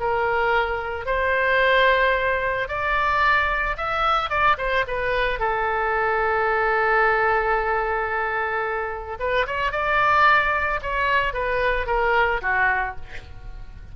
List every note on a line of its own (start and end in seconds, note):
0.00 1.06 A#4
1.06 2.69 C5
2.69 3.77 D5
3.78 4.30 E5
4.30 4.57 D5
4.58 4.85 C5
4.88 5.40 B4
5.40 9.18 A4
9.20 9.47 B4
9.47 9.72 C#5
9.72 10.80 D5
10.83 11.34 C#5
11.34 11.87 B4
11.87 12.41 A#4
12.42 12.96 F#4